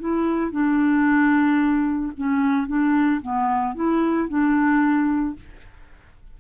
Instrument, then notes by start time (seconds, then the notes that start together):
clarinet
0.00 E4
0.52 D4
2.17 C#4
2.68 D4
3.21 B3
3.75 E4
4.29 D4